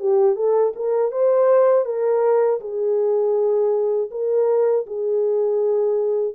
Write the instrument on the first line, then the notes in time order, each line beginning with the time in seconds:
horn
0.00 G4
0.36 A4
0.76 A#4
1.12 C5
1.85 A#4
2.61 G#4
4.11 A#4
4.87 G#4